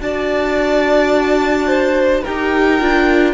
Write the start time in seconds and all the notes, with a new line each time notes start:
0.00 D4 F#4 D5 A5
1.67 C5
2.22 D#4 G4 A#4 G5
2.80 D4 F4